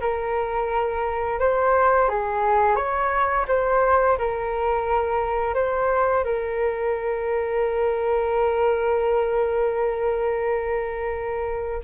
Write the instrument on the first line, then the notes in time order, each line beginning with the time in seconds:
flute
0.00 A#4
1.40 C5
2.09 G#4
2.76 C#5
3.48 C5
4.18 A#4
5.54 C5
6.24 A#4